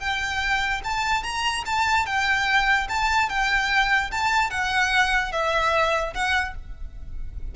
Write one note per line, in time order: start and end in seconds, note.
0.00 0.82 G5
0.84 1.23 A5
1.23 1.64 A#5
1.66 2.06 A5
2.06 2.88 G5
2.89 3.29 A5
3.29 4.11 G5
4.11 4.51 A5
4.51 5.32 F#5
5.32 6.14 E5
6.14 6.55 F#5